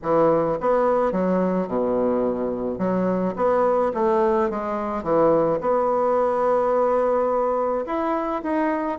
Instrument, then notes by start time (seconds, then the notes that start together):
bassoon
0.02 E3
0.60 B3
1.12 F#3
1.67 B2
2.78 F#3
3.35 B3
3.94 A3
4.50 G#3
5.03 E3
5.60 B3
7.86 E4
8.42 D#4